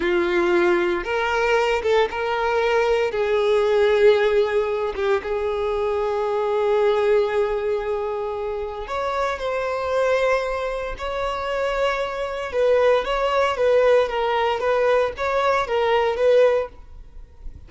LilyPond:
\new Staff \with { instrumentName = "violin" } { \time 4/4 \tempo 4 = 115 f'2 ais'4. a'8 | ais'2 gis'2~ | gis'4. g'8 gis'2~ | gis'1~ |
gis'4 cis''4 c''2~ | c''4 cis''2. | b'4 cis''4 b'4 ais'4 | b'4 cis''4 ais'4 b'4 | }